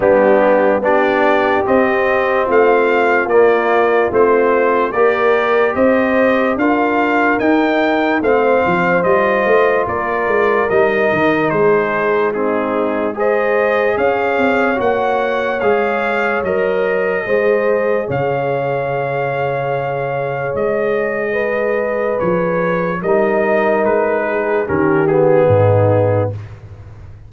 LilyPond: <<
  \new Staff \with { instrumentName = "trumpet" } { \time 4/4 \tempo 4 = 73 g'4 d''4 dis''4 f''4 | d''4 c''4 d''4 dis''4 | f''4 g''4 f''4 dis''4 | d''4 dis''4 c''4 gis'4 |
dis''4 f''4 fis''4 f''4 | dis''2 f''2~ | f''4 dis''2 cis''4 | dis''4 b'4 ais'8 gis'4. | }
  \new Staff \with { instrumentName = "horn" } { \time 4/4 d'4 g'2 f'4~ | f'2 ais'4 c''4 | ais'2 c''2 | ais'2 gis'4 dis'4 |
c''4 cis''2.~ | cis''4 c''4 cis''2~ | cis''2 b'2 | ais'4. gis'8 g'4 dis'4 | }
  \new Staff \with { instrumentName = "trombone" } { \time 4/4 b4 d'4 c'2 | ais4 c'4 g'2 | f'4 dis'4 c'4 f'4~ | f'4 dis'2 c'4 |
gis'2 fis'4 gis'4 | ais'4 gis'2.~ | gis'1 | dis'2 cis'8 b4. | }
  \new Staff \with { instrumentName = "tuba" } { \time 4/4 g4 b4 c'4 a4 | ais4 a4 ais4 c'4 | d'4 dis'4 a8 f8 g8 a8 | ais8 gis8 g8 dis8 gis2~ |
gis4 cis'8 c'8 ais4 gis4 | fis4 gis4 cis2~ | cis4 gis2 f4 | g4 gis4 dis4 gis,4 | }
>>